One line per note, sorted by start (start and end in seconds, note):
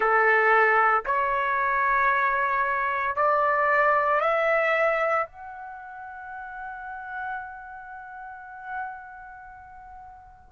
0.00 1.03 A4
1.05 3.16 C#5
3.16 4.20 D5
4.20 5.25 E5
5.26 10.52 F#5